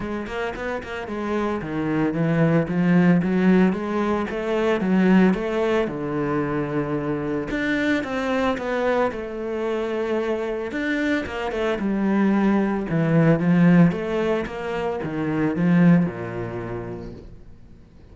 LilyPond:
\new Staff \with { instrumentName = "cello" } { \time 4/4 \tempo 4 = 112 gis8 ais8 b8 ais8 gis4 dis4 | e4 f4 fis4 gis4 | a4 fis4 a4 d4~ | d2 d'4 c'4 |
b4 a2. | d'4 ais8 a8 g2 | e4 f4 a4 ais4 | dis4 f4 ais,2 | }